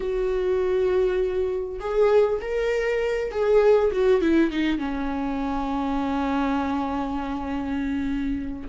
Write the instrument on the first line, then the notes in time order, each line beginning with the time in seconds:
viola
0.00 F#4
1.79 G#4
2.41 A#4
3.31 G#4
3.92 F#4
4.21 E4
4.51 D#4
4.78 C#4